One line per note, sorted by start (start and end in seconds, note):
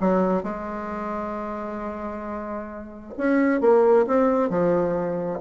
0.00 0.43 F#3
0.43 3.13 G#3
3.17 3.60 C#4
3.60 4.05 A#3
4.06 4.49 C4
4.49 5.39 F3